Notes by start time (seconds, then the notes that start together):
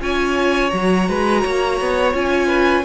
0.00 C#4 F4 C#5 G#5
0.70 F#3 F#4 A#5
1.09 G#3 B4
1.42 A#3 C#5
1.81 B3
2.14 C#4 F4 G#5
2.48 B4